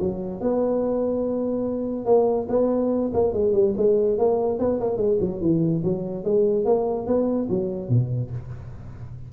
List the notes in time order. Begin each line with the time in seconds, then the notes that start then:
0.00 F#3
0.41 B3
2.06 A#3
2.49 B3
3.14 A#3
3.33 G#3
3.53 G3
3.77 G#3
4.19 A#3
4.59 B3
4.80 A#3
4.98 G#3
5.21 F#3
5.41 E3
5.84 F#3
6.25 G#3
6.66 A#3
7.07 B3
7.50 F#3
7.89 B2